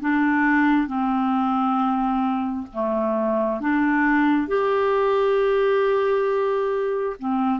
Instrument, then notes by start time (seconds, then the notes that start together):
clarinet
0.00 D4
0.87 C4
2.73 A3
3.60 D4
4.47 G4
7.19 C4